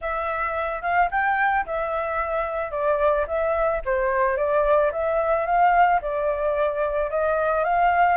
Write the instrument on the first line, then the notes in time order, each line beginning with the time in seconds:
flute
0.01 E5
0.82 F5
1.11 G5
1.65 E5
2.71 D5
3.27 E5
3.85 C5
4.36 D5
4.92 E5
5.45 F5
6.01 D5
7.10 D#5
7.64 F5